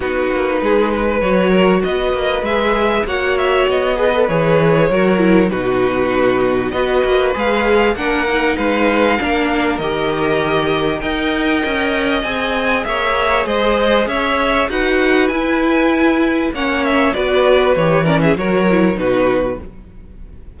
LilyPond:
<<
  \new Staff \with { instrumentName = "violin" } { \time 4/4 \tempo 4 = 98 b'2 cis''4 dis''4 | e''4 fis''8 e''8 dis''4 cis''4~ | cis''4 b'2 dis''4 | f''4 fis''4 f''2 |
dis''2 g''2 | gis''4 e''4 dis''4 e''4 | fis''4 gis''2 fis''8 e''8 | d''4 cis''8 d''16 e''16 cis''4 b'4 | }
  \new Staff \with { instrumentName = "violin" } { \time 4/4 fis'4 gis'8 b'4 ais'8 b'4~ | b'4 cis''4. b'4. | ais'4 fis'2 b'4~ | b'4 ais'4 b'4 ais'4~ |
ais'2 dis''2~ | dis''4 cis''4 c''4 cis''4 | b'2. cis''4 | b'4. ais'16 gis'16 ais'4 fis'4 | }
  \new Staff \with { instrumentName = "viola" } { \time 4/4 dis'2 fis'2 | gis'4 fis'4. gis'16 a'16 gis'4 | fis'8 e'8 dis'2 fis'4 | gis'4 d'8 dis'4. d'4 |
g'2 ais'2 | gis'1 | fis'4 e'2 cis'4 | fis'4 g'8 cis'8 fis'8 e'8 dis'4 | }
  \new Staff \with { instrumentName = "cello" } { \time 4/4 b8 ais8 gis4 fis4 b8 ais8 | gis4 ais4 b4 e4 | fis4 b,2 b8 ais8 | gis4 ais4 gis4 ais4 |
dis2 dis'4 cis'4 | c'4 ais4 gis4 cis'4 | dis'4 e'2 ais4 | b4 e4 fis4 b,4 | }
>>